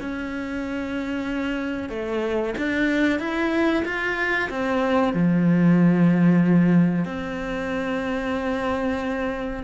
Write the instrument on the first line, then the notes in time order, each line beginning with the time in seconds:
cello
0.00 C#4
1.89 A3
2.57 D4
3.19 E4
3.85 F4
4.49 C4
5.13 F3
7.05 C4